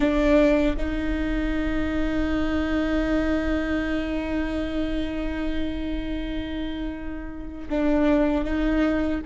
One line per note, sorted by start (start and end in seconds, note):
0.00 0.76 D4
0.76 7.69 D#4
7.69 8.44 D4
8.44 9.21 D#4